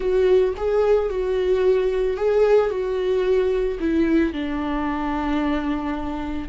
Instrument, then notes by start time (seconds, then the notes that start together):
viola
0.00 F#4
0.57 G#4
1.09 F#4
2.16 G#4
2.70 F#4
3.79 E4
4.33 D4